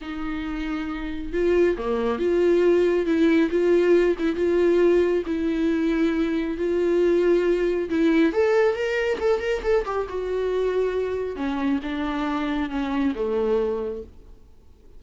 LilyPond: \new Staff \with { instrumentName = "viola" } { \time 4/4 \tempo 4 = 137 dis'2. f'4 | ais4 f'2 e'4 | f'4. e'8 f'2 | e'2. f'4~ |
f'2 e'4 a'4 | ais'4 a'8 ais'8 a'8 g'8 fis'4~ | fis'2 cis'4 d'4~ | d'4 cis'4 a2 | }